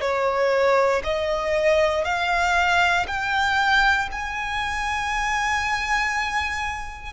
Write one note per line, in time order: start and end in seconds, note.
0.00 1.02 C#5
1.04 2.04 D#5
2.04 3.06 F5
3.07 4.09 G5
4.11 7.13 G#5